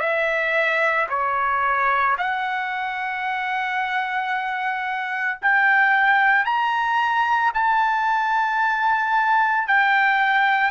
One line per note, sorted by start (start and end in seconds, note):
0.00 1.07 E5
1.10 2.17 C#5
2.18 5.39 F#5
5.42 6.45 G5
6.45 7.52 A#5
7.54 9.68 A5
9.68 10.71 G5